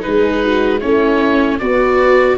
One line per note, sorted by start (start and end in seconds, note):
0.00 0.78 D#4
0.00 0.43 G#4
0.00 0.80 B4
0.07 0.84 G#3
0.43 0.80 F#4
0.80 1.61 A3
0.80 1.60 C#4
0.80 1.58 E4
0.80 1.58 C#5
1.59 2.38 B3
1.59 2.38 F#4
1.59 2.38 B4
1.59 2.37 D5